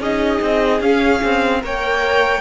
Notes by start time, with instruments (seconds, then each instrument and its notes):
0.00 cello C#4, viola D#4, violin G#4 D#5
0.42 cello C4
0.81 cello C#4, viola C#4, violin F5
1.24 cello C4
1.61 cello A#3, viola A#4, violin C#5 G5